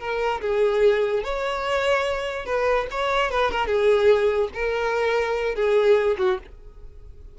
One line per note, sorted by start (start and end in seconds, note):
0.00 0.41 A#4
0.42 1.24 G#4
1.24 2.46 C#5
2.46 2.87 B4
2.91 3.31 C#5
3.31 3.52 B4
3.52 3.67 A#4
3.67 4.49 G#4
4.54 5.55 A#4
5.55 6.17 G#4
6.18 6.39 F#4